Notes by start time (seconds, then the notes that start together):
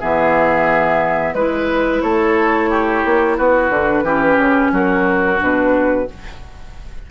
0.00 E3 B3 G#4 E5
1.34 G#3 E4 B4
2.01 A3 A4 C#5
2.70 G4
3.05 A#3
3.38 B3 F#4 B4
3.70 D3 D4
4.04 E3 C#4 G4
4.38 C#3
4.72 F#3 F#4 A#4
5.38 B2 D4 B4